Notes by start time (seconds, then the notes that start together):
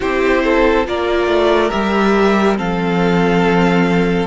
0.00 C4 E4 G4 C5
0.43 A4
0.86 A#3 F4 A#4 D5
1.27 A3
1.69 G3 G4 E5
2.56 F3 C4 A4 F5